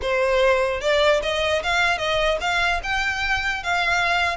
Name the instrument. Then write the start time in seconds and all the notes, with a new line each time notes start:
violin
0.02 C5
0.81 D5
1.22 D#5
1.63 F5
1.97 D#5
2.40 F5
2.83 G5
3.63 F5